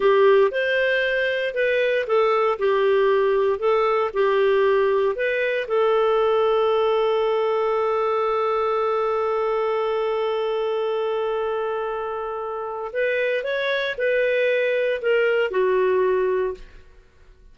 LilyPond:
\new Staff \with { instrumentName = "clarinet" } { \time 4/4 \tempo 4 = 116 g'4 c''2 b'4 | a'4 g'2 a'4 | g'2 b'4 a'4~ | a'1~ |
a'1~ | a'1~ | a'4 b'4 cis''4 b'4~ | b'4 ais'4 fis'2 | }